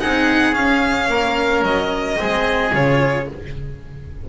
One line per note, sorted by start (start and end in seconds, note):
0.00 0.56 C4
0.00 0.53 D#4
0.00 1.10 G#4
0.00 0.55 F#5
0.53 2.17 C#4
0.53 1.08 C#4
0.53 1.64 F5
1.08 1.63 A#3
1.08 2.19 A#4
1.63 2.17 F#3
1.63 2.74 D#5
2.17 2.74 G#3
2.17 2.72 C4
2.17 3.29 G#4
2.74 3.28 C#3
2.74 3.29 F4
2.74 3.30 C#5